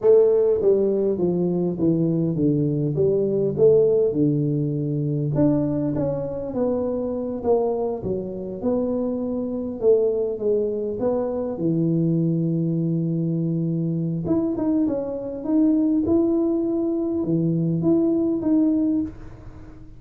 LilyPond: \new Staff \with { instrumentName = "tuba" } { \time 4/4 \tempo 4 = 101 a4 g4 f4 e4 | d4 g4 a4 d4~ | d4 d'4 cis'4 b4~ | b8 ais4 fis4 b4.~ |
b8 a4 gis4 b4 e8~ | e1 | e'8 dis'8 cis'4 dis'4 e'4~ | e'4 e4 e'4 dis'4 | }